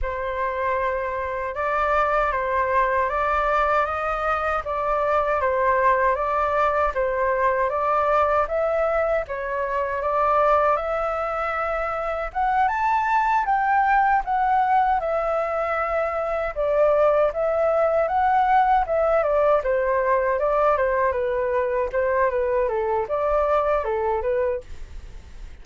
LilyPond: \new Staff \with { instrumentName = "flute" } { \time 4/4 \tempo 4 = 78 c''2 d''4 c''4 | d''4 dis''4 d''4 c''4 | d''4 c''4 d''4 e''4 | cis''4 d''4 e''2 |
fis''8 a''4 g''4 fis''4 e''8~ | e''4. d''4 e''4 fis''8~ | fis''8 e''8 d''8 c''4 d''8 c''8 b'8~ | b'8 c''8 b'8 a'8 d''4 a'8 b'8 | }